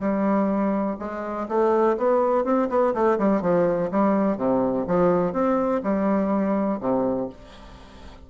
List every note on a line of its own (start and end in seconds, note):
0.00 0.97 G3
0.99 1.48 G#3
1.48 1.97 A3
1.97 2.44 B3
2.44 2.68 C4
2.69 2.93 B3
2.94 3.18 A3
3.18 3.42 G3
3.42 3.90 F3
3.91 4.37 G3
4.37 4.86 C3
4.87 5.33 F3
5.33 5.81 C4
5.83 6.80 G3
6.80 7.29 C3